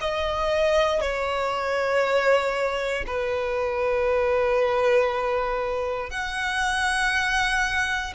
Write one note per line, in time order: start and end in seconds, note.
0.00 1.01 D#5
1.01 3.04 C#5
3.06 6.10 B4
6.10 8.13 F#5